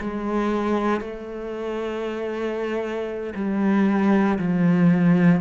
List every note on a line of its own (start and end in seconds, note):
0.00 1.01 G#3
1.01 3.33 A3
3.35 4.38 G3
4.39 5.41 F3